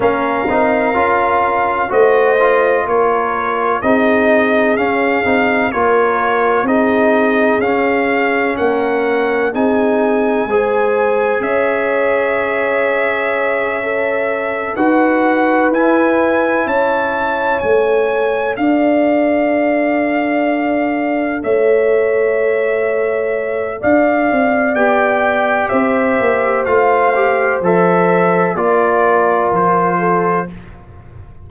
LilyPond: <<
  \new Staff \with { instrumentName = "trumpet" } { \time 4/4 \tempo 4 = 63 f''2 dis''4 cis''4 | dis''4 f''4 cis''4 dis''4 | f''4 fis''4 gis''2 | e''2.~ e''8 fis''8~ |
fis''8 gis''4 a''4 gis''4 f''8~ | f''2~ f''8 e''4.~ | e''4 f''4 g''4 e''4 | f''4 e''4 d''4 c''4 | }
  \new Staff \with { instrumentName = "horn" } { \time 4/4 ais'2 c''4 ais'4 | gis'2 ais'4 gis'4~ | gis'4 ais'4 gis'4 c''4 | cis''2.~ cis''8 b'8~ |
b'4. cis''2 d''8~ | d''2~ d''8 cis''4.~ | cis''4 d''2 c''4~ | c''2 ais'4. a'8 | }
  \new Staff \with { instrumentName = "trombone" } { \time 4/4 cis'8 dis'8 f'4 fis'8 f'4. | dis'4 cis'8 dis'8 f'4 dis'4 | cis'2 dis'4 gis'4~ | gis'2~ gis'8 a'4 fis'8~ |
fis'8 e'2 a'4.~ | a'1~ | a'2 g'2 | f'8 g'8 a'4 f'2 | }
  \new Staff \with { instrumentName = "tuba" } { \time 4/4 ais8 c'8 cis'4 a4 ais4 | c'4 cis'8 c'8 ais4 c'4 | cis'4 ais4 c'4 gis4 | cis'2.~ cis'8 dis'8~ |
dis'8 e'4 cis'4 a4 d'8~ | d'2~ d'8 a4.~ | a4 d'8 c'8 b4 c'8 ais8 | a4 f4 ais4 f4 | }
>>